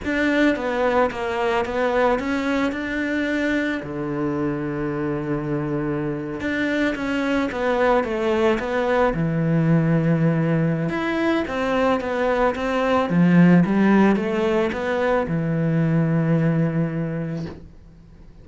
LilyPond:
\new Staff \with { instrumentName = "cello" } { \time 4/4 \tempo 4 = 110 d'4 b4 ais4 b4 | cis'4 d'2 d4~ | d2.~ d8. d'16~ | d'8. cis'4 b4 a4 b16~ |
b8. e2.~ e16 | e'4 c'4 b4 c'4 | f4 g4 a4 b4 | e1 | }